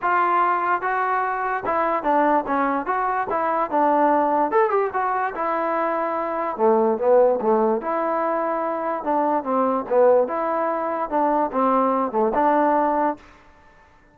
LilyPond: \new Staff \with { instrumentName = "trombone" } { \time 4/4 \tempo 4 = 146 f'2 fis'2 | e'4 d'4 cis'4 fis'4 | e'4 d'2 a'8 g'8 | fis'4 e'2. |
a4 b4 a4 e'4~ | e'2 d'4 c'4 | b4 e'2 d'4 | c'4. a8 d'2 | }